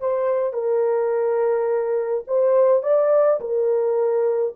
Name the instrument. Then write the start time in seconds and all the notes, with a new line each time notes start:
horn
0.00 C5
0.53 A#4
2.27 C5
2.83 D5
3.41 A#4